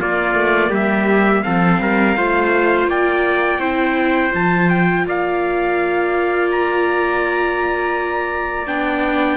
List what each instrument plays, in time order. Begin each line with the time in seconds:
0.00 viola A#3, cello A#3, trumpet F4 D5
0.35 cello A3
0.70 cello G3, trumpet G4 E5
1.44 cello F3, viola C4, trumpet A4 F5
1.80 cello G3, trumpet A#4
2.17 cello A3, viola F4, trumpet C5
2.87 cello A#3, trumpet D5 G5
3.59 cello C4, viola E4, trumpet C5
4.32 cello F3, viola F4, trumpet A5
4.70 trumpet G5
5.06 cello A#3, trumpet D5 F5
6.52 trumpet A#5
8.67 cello B3, viola D4, trumpet G5